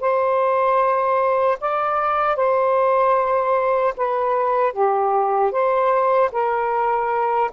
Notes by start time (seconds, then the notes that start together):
0.00 C5
1.60 D5
2.36 C5
3.97 B4
4.73 G4
5.51 C5
6.32 A#4